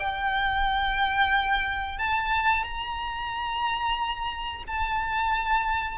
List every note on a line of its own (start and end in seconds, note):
0.00 1.99 G5
1.99 2.64 A5
2.64 4.64 A#5
4.68 5.98 A5